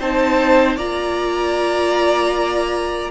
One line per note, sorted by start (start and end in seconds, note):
0.00 0.76 C4
0.00 0.79 D#4
0.00 0.76 C5
0.00 0.78 A5
0.76 3.10 A#3
0.76 3.11 F4
0.76 3.10 D5
0.76 3.11 A#5